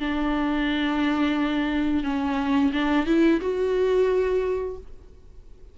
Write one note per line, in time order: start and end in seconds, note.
0.00 2.04 D4
2.04 2.72 C#4
2.73 3.06 D4
3.06 3.40 E4
3.41 4.77 F#4